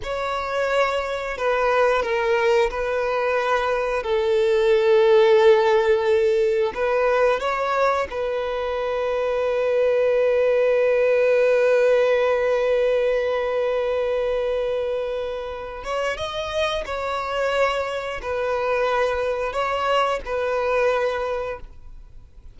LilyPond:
\new Staff \with { instrumentName = "violin" } { \time 4/4 \tempo 4 = 89 cis''2 b'4 ais'4 | b'2 a'2~ | a'2 b'4 cis''4 | b'1~ |
b'1~ | b'2.~ b'8 cis''8 | dis''4 cis''2 b'4~ | b'4 cis''4 b'2 | }